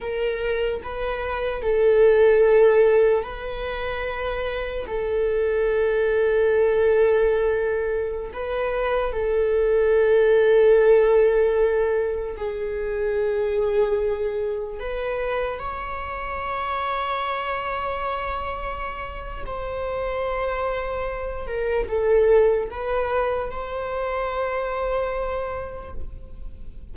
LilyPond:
\new Staff \with { instrumentName = "viola" } { \time 4/4 \tempo 4 = 74 ais'4 b'4 a'2 | b'2 a'2~ | a'2~ a'16 b'4 a'8.~ | a'2.~ a'16 gis'8.~ |
gis'2~ gis'16 b'4 cis''8.~ | cis''1 | c''2~ c''8 ais'8 a'4 | b'4 c''2. | }